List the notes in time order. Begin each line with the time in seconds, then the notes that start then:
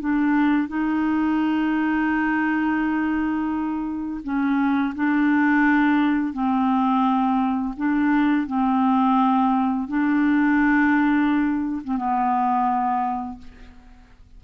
0.00 D4
0.68 D#4
4.24 C#4
4.95 D4
6.33 C4
7.77 D4
8.47 C4
9.88 D4
11.84 C4
11.97 B3